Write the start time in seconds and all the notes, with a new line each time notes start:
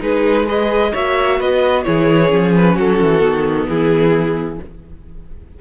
0.00 G#3 D#4 G#4 B4
0.46 G#4 B4 D#5
0.92 A#3 F#4 C#5 E5
1.39 B3 B4 D#5
1.83 E3 E4 G#4 C#5
2.29 F3 C#4
2.56 B4
2.75 F#3 F#4 A4
3.02 E3
3.20 D#3 B3
3.68 E3 E4 G#4